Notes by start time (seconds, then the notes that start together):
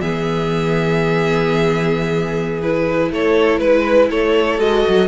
0.00 E3 B3 G#4 E5
2.61 E4 B4
3.11 A3 A4 C#5
3.58 G#3 B4
4.10 A3 A4 C#5
4.58 G#3 F#4 D#5
4.88 F#3